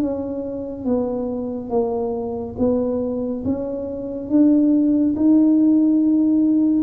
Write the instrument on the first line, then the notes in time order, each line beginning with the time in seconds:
tuba
0.00 C#4
0.85 B3
1.70 A#3
2.59 B3
3.45 C#4
4.30 D4
5.17 D#4